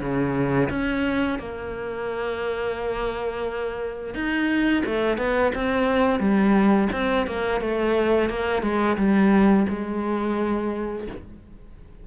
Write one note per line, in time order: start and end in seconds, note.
0.00 0.69 C#3
0.69 1.38 C#4
1.38 4.14 A#3
4.14 4.83 D#4
4.86 5.17 A3
5.17 5.52 B3
5.55 6.19 C4
6.19 6.88 G3
6.92 7.26 C4
7.27 7.61 A#3
7.61 8.29 A3
8.29 8.62 A#3
8.62 8.97 G#3
8.97 9.66 G3
9.69 11.07 G#3